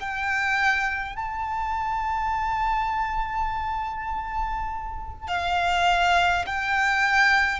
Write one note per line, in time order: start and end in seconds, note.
0.00 1.16 G5
1.16 5.28 A5
5.28 6.45 F5
6.46 7.60 G5